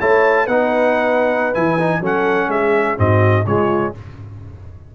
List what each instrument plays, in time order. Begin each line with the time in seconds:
0.00 tuba A3, trombone E4, horn C#5, trumpet A5
0.45 tuba B3, trombone D#4, horn B4, trumpet F#5
1.55 tuba E3, trombone E4, trumpet G#5
1.79 trombone D#4
2.01 tuba F#3, trombone C#4, horn A4, trumpet F#5
2.48 tuba G#3, horn G#4, trumpet E5
2.98 tuba G#2, trombone C4, horn F#4, trumpet D#5
3.46 tuba C#3, trombone G#3, horn F4, trumpet C#5